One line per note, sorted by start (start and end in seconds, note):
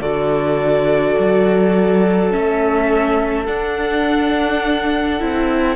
0.00 1.15 D3
0.00 2.30 F#4
0.00 5.76 A4
0.00 2.31 D5
1.19 2.34 F#3
2.30 3.48 A3
2.30 3.46 C#4
2.30 3.45 E5
3.45 5.19 D4
3.45 5.21 D4
3.45 5.76 F#5
5.19 5.76 C4
5.19 5.76 E4